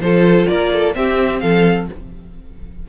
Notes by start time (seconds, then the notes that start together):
0.00 F3 F4 A4 C5
0.46 A#3 A#4 D5
0.73 A4
0.94 C4 G4 E5
1.40 F3 A4 F5